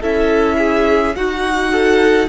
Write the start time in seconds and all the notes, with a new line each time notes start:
0.00 C#4 E4 A4 E5
0.58 G#4
1.16 D#4 F#4 F#5
1.72 A4